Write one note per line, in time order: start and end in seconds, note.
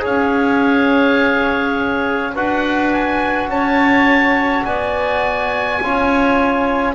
0.00 2.36 C#4
0.00 2.31 G#4
0.00 2.34 C#5
0.00 2.36 F5
2.34 3.48 D4
2.34 5.81 F#4
2.34 3.50 B4
2.34 2.93 F#5
2.93 3.50 G#5
3.48 4.63 C#4
3.48 4.66 C#5
3.48 4.65 A5
4.64 5.80 B3
4.64 5.81 D5
4.64 6.95 G#5
5.81 6.95 C#4
5.81 6.95 F4
5.81 6.95 C#5